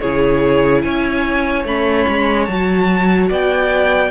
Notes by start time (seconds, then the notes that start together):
0.00 C#3 E4 G#4 C#5
0.82 C#4 C#5 G#5
1.65 A3 C#4 B5
2.08 G#3
2.45 F#3 F#4 A5
3.29 B3 D5 G5